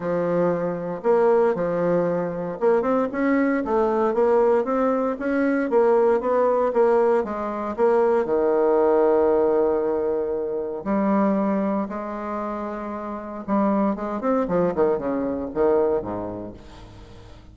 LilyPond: \new Staff \with { instrumentName = "bassoon" } { \time 4/4 \tempo 4 = 116 f2 ais4 f4~ | f4 ais8 c'8 cis'4 a4 | ais4 c'4 cis'4 ais4 | b4 ais4 gis4 ais4 |
dis1~ | dis4 g2 gis4~ | gis2 g4 gis8 c'8 | f8 dis8 cis4 dis4 gis,4 | }